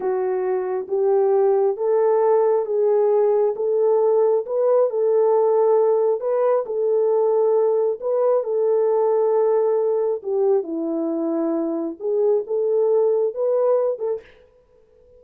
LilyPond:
\new Staff \with { instrumentName = "horn" } { \time 4/4 \tempo 4 = 135 fis'2 g'2 | a'2 gis'2 | a'2 b'4 a'4~ | a'2 b'4 a'4~ |
a'2 b'4 a'4~ | a'2. g'4 | e'2. gis'4 | a'2 b'4. a'8 | }